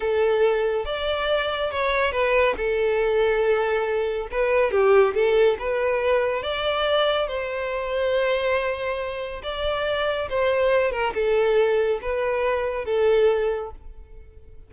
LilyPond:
\new Staff \with { instrumentName = "violin" } { \time 4/4 \tempo 4 = 140 a'2 d''2 | cis''4 b'4 a'2~ | a'2 b'4 g'4 | a'4 b'2 d''4~ |
d''4 c''2.~ | c''2 d''2 | c''4. ais'8 a'2 | b'2 a'2 | }